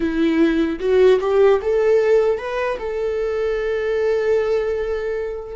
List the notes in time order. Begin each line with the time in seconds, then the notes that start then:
0.00 E4
0.79 F#4
1.20 G4
1.61 A4
2.38 B4
2.79 A4